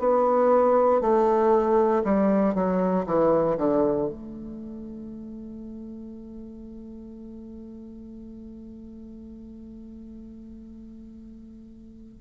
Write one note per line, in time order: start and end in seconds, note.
0.00 1.01 B3
1.01 2.03 A3
2.05 2.55 G3
2.55 3.06 F#3
3.06 3.57 E3
3.58 4.09 D3
4.09 12.22 A3